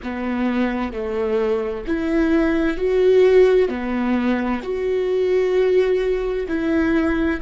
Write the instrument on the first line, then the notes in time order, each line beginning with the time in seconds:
viola
0.03 B3
0.92 A3
1.86 E4
2.77 F#4
3.68 B3
4.62 F#4
6.48 E4